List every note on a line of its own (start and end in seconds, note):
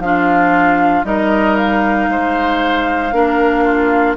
0.00 1.03 F3
0.00 1.05 D4
0.00 1.07 F4
0.00 1.05 F5
1.04 2.08 G3
1.04 3.12 D#4
1.04 2.10 A#4
1.04 1.56 D#5
1.56 4.15 F5
2.09 3.12 G#3
2.09 3.15 C5
3.12 4.16 A#3
3.12 4.17 D4
3.12 3.65 A#4
3.65 4.17 F4